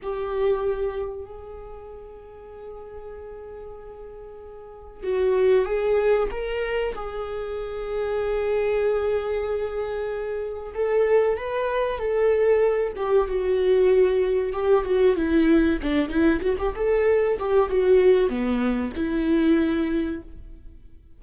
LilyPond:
\new Staff \with { instrumentName = "viola" } { \time 4/4 \tempo 4 = 95 g'2 gis'2~ | gis'1 | fis'4 gis'4 ais'4 gis'4~ | gis'1~ |
gis'4 a'4 b'4 a'4~ | a'8 g'8 fis'2 g'8 fis'8 | e'4 d'8 e'8 fis'16 g'16 a'4 g'8 | fis'4 b4 e'2 | }